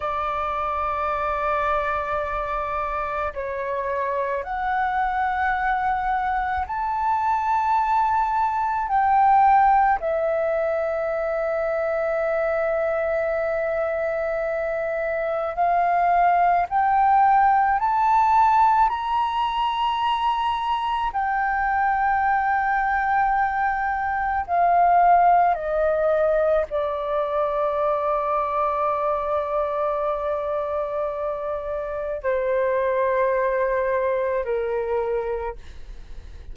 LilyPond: \new Staff \with { instrumentName = "flute" } { \time 4/4 \tempo 4 = 54 d''2. cis''4 | fis''2 a''2 | g''4 e''2.~ | e''2 f''4 g''4 |
a''4 ais''2 g''4~ | g''2 f''4 dis''4 | d''1~ | d''4 c''2 ais'4 | }